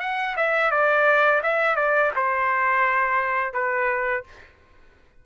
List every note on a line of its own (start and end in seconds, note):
0.00 0.35 F#5
0.37 0.71 E5
0.71 1.41 D5
1.43 1.76 E5
1.76 2.11 D5
2.16 3.53 C5
3.53 4.24 B4